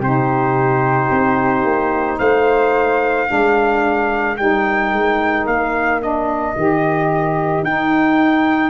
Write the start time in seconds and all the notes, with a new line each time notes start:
0.00 C3 D#4 G4 C5
1.11 C4
1.65 A#3
2.19 A3 C5 F5
3.27 G#3 D4 A#4
4.37 G3 D#4 G5
4.93 G#3
5.46 A#3 F5
6.01 D4 D#5
6.57 D#3 G4
7.63 D#4 G5